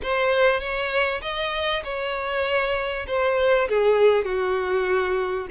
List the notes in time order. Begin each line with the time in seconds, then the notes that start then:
0.02 C5
0.60 C#5
1.21 D#5
1.83 C#5
3.07 C5
3.68 G#4
4.24 F#4